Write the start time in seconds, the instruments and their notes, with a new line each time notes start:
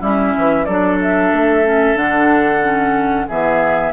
0.00 bassoon G3, clarinet C#4, oboe E4, flute E5
0.37 bassoon E3
0.64 bassoon F#3, clarinet D4, oboe A4, flute D5
1.01 flute E5
1.32 bassoon A3
1.64 clarinet C#4
1.95 bassoon D3, clarinet D4, flute F#5
2.62 clarinet C#4
3.27 bassoon E3, clarinet B3, oboe G#4, flute E5